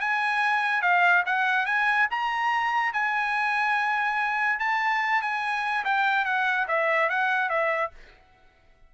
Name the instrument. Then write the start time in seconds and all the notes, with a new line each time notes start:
trumpet
0.00 G#5
0.82 F5
1.26 F#5
1.66 G#5
2.10 A#5
2.93 G#5
4.59 A5
5.22 G#5
5.84 G5
6.25 F#5
6.68 E5
7.09 F#5
7.49 E5